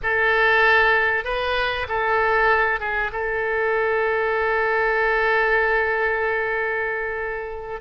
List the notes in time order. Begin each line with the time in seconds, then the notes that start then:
0.03 A4
1.24 B4
1.88 A4
2.80 G#4
3.12 A4